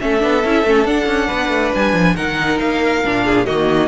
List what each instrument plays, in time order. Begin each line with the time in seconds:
0.00 cello A3, viola C#4, violin A4 E5
0.20 cello B3, viola D4
0.44 cello C#4, viola E4
0.64 cello A3, viola C#4
0.84 cello D4, viola D4, violin F#5
1.06 cello C#4
1.27 cello B3, violin B4
1.49 cello A3
1.75 cello G3, violin G#5
1.93 cello F3
2.16 cello D#3, viola D#4, violin A#4 F#5
2.59 cello A#3, violin F5
3.05 cello A#2, viola D4
3.25 violin G#4
3.46 cello D#3, viola A#3, violin F#4 D#5